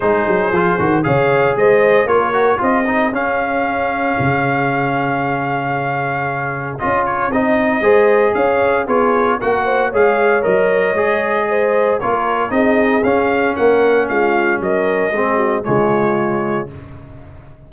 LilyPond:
<<
  \new Staff \with { instrumentName = "trumpet" } { \time 4/4 \tempo 4 = 115 c''2 f''4 dis''4 | cis''4 dis''4 f''2~ | f''1~ | f''4 dis''8 cis''8 dis''2 |
f''4 cis''4 fis''4 f''4 | dis''2. cis''4 | dis''4 f''4 fis''4 f''4 | dis''2 cis''2 | }
  \new Staff \with { instrumentName = "horn" } { \time 4/4 gis'2 cis''4 c''4 | ais'4 gis'2.~ | gis'1~ | gis'2. c''4 |
cis''4 gis'4 ais'8 c''8 cis''4~ | cis''2 c''4 ais'4 | gis'2 ais'4 f'4 | ais'4 gis'8 fis'8 f'2 | }
  \new Staff \with { instrumentName = "trombone" } { \time 4/4 dis'4 f'8 fis'8 gis'2 | f'8 fis'8 f'8 dis'8 cis'2~ | cis'1~ | cis'4 f'4 dis'4 gis'4~ |
gis'4 f'4 fis'4 gis'4 | ais'4 gis'2 f'4 | dis'4 cis'2.~ | cis'4 c'4 gis2 | }
  \new Staff \with { instrumentName = "tuba" } { \time 4/4 gis8 fis8 f8 dis8 cis4 gis4 | ais4 c'4 cis'2 | cis1~ | cis4 cis'4 c'4 gis4 |
cis'4 b4 ais4 gis4 | fis4 gis2 ais4 | c'4 cis'4 ais4 gis4 | fis4 gis4 cis2 | }
>>